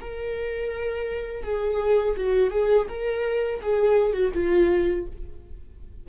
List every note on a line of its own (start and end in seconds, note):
0.00 1.43 A#4
1.43 2.15 G#4
2.16 2.50 F#4
2.50 2.87 G#4
2.88 3.61 A#4
3.62 4.13 G#4
4.13 4.31 F#4
4.34 5.06 F4